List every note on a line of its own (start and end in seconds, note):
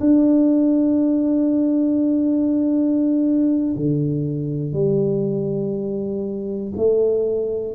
0.00 3.75 D4
3.76 4.73 D3
4.73 6.73 G3
6.76 7.75 A3